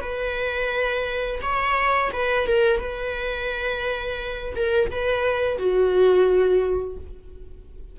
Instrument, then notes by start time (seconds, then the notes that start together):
viola
0.00 B4
1.41 C#5
2.12 B4
2.46 A#4
2.80 B4
4.55 A#4
4.91 B4
5.58 F#4